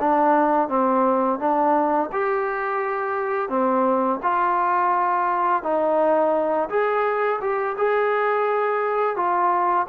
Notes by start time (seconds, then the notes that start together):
0.00 D4
0.69 C4
1.40 D4
2.13 G4
3.49 C4
4.23 F4
5.63 D#4
6.70 G#4
7.41 G4
7.78 G#4
9.17 F4